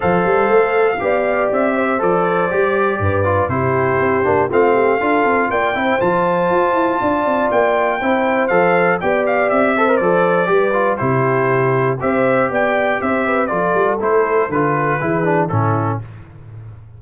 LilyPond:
<<
  \new Staff \with { instrumentName = "trumpet" } { \time 4/4 \tempo 4 = 120 f''2. e''4 | d''2. c''4~ | c''4 f''2 g''4 | a''2. g''4~ |
g''4 f''4 g''8 f''8 e''4 | d''2 c''2 | e''4 g''4 e''4 d''4 | c''4 b'2 a'4 | }
  \new Staff \with { instrumentName = "horn" } { \time 4/4 c''2 d''4. c''8~ | c''2 b'4 g'4~ | g'4 f'8 g'8 a'4 d''8 c''8~ | c''2 d''2 |
c''2 d''4. c''8~ | c''4 b'4 g'2 | c''4 d''4 c''8 b'8 a'4~ | a'2 gis'4 e'4 | }
  \new Staff \with { instrumentName = "trombone" } { \time 4/4 a'2 g'2 | a'4 g'4. f'8 e'4~ | e'8 d'8 c'4 f'4. e'8 | f'1 |
e'4 a'4 g'4. a'16 ais'16 | a'4 g'8 f'8 e'2 | g'2. f'4 | e'4 f'4 e'8 d'8 cis'4 | }
  \new Staff \with { instrumentName = "tuba" } { \time 4/4 f8 g8 a4 b4 c'4 | f4 g4 g,4 c4 | c'8 ais8 a4 d'8 c'8 ais8 c'8 | f4 f'8 e'8 d'8 c'8 ais4 |
c'4 f4 b4 c'4 | f4 g4 c2 | c'4 b4 c'4 f8 g8 | a4 d4 e4 a,4 | }
>>